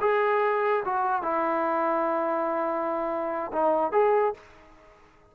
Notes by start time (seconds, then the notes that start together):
0.00 G#4
0.84 F#4
1.22 E4
3.52 D#4
3.92 G#4